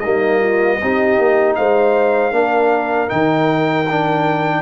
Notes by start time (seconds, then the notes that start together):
0.00 G3 A#3 D#4 D#5
0.39 F4
0.82 C4 D#4 G4
1.18 A#3
1.56 G#3 C5 F5
2.31 A#3 D4 A#4
3.08 D#3 D#4 G5
3.90 D4